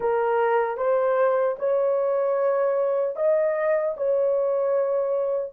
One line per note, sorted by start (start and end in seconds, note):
0.00 0.77 A#4
0.77 1.56 C5
1.58 3.16 C#5
3.16 3.95 D#5
3.96 5.52 C#5